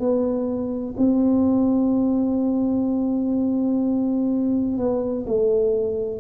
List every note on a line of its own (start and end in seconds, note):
0.00 0.95 B3
0.97 4.78 C4
4.78 5.26 B3
5.27 6.20 A3